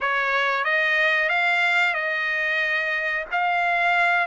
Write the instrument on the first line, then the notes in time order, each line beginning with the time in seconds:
trumpet
0.00 C#5
0.64 D#5
1.29 F5
1.93 D#5
3.31 F5